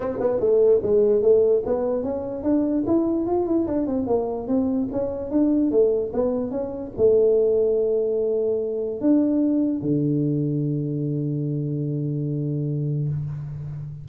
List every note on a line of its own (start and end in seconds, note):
0.00 0.18 C4
0.19 0.40 B3
0.40 0.81 A3
0.82 1.22 G#3
1.22 1.62 A3
1.65 2.03 B3
2.03 2.43 C#4
2.43 2.83 D4
2.86 3.27 E4
3.27 3.46 F4
3.46 3.66 E4
3.67 3.86 D4
3.86 4.06 C4
4.06 4.47 A#3
4.47 4.88 C4
4.92 5.30 C#4
5.30 5.71 D4
5.71 6.12 A3
6.13 6.50 B3
6.50 6.91 C#4
6.97 9.00 A3
9.00 9.81 D4
9.81 13.08 D3